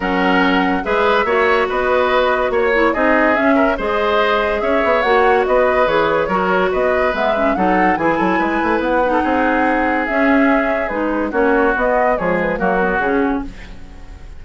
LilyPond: <<
  \new Staff \with { instrumentName = "flute" } { \time 4/4 \tempo 4 = 143 fis''2 e''2 | dis''2 cis''4 dis''4 | e''4 dis''2 e''4 | fis''4 dis''4 cis''2 |
dis''4 e''4 fis''4 gis''4~ | gis''4 fis''2. | e''2 b'4 cis''4 | dis''4 cis''8 b'8 ais'4 gis'4 | }
  \new Staff \with { instrumentName = "oboe" } { \time 4/4 ais'2 b'4 cis''4 | b'2 cis''4 gis'4~ | gis'8 ais'8 c''2 cis''4~ | cis''4 b'2 ais'4 |
b'2 a'4 gis'8 a'8 | b'4.~ b'16 a'16 gis'2~ | gis'2. fis'4~ | fis'4 gis'4 fis'2 | }
  \new Staff \with { instrumentName = "clarinet" } { \time 4/4 cis'2 gis'4 fis'4~ | fis'2~ fis'8 e'8 dis'4 | cis'4 gis'2. | fis'2 gis'4 fis'4~ |
fis'4 b8 cis'8 dis'4 e'4~ | e'4. dis'2~ dis'8 | cis'2 dis'4 cis'4 | b4 gis4 ais8 b8 cis'4 | }
  \new Staff \with { instrumentName = "bassoon" } { \time 4/4 fis2 gis4 ais4 | b2 ais4 c'4 | cis'4 gis2 cis'8 b8 | ais4 b4 e4 fis4 |
b4 gis4 fis4 e8 fis8 | gis8 a8 b4 c'2 | cis'2 gis4 ais4 | b4 f4 fis4 cis4 | }
>>